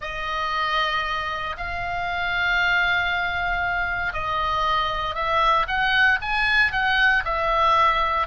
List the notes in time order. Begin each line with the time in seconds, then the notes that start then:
0.01 D#5
1.57 F5
4.13 D#5
5.14 E5
5.67 F#5
6.21 G#5
6.72 F#5
7.24 E5